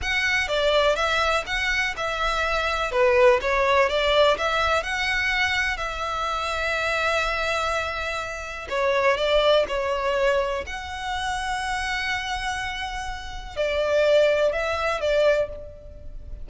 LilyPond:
\new Staff \with { instrumentName = "violin" } { \time 4/4 \tempo 4 = 124 fis''4 d''4 e''4 fis''4 | e''2 b'4 cis''4 | d''4 e''4 fis''2 | e''1~ |
e''2 cis''4 d''4 | cis''2 fis''2~ | fis''1 | d''2 e''4 d''4 | }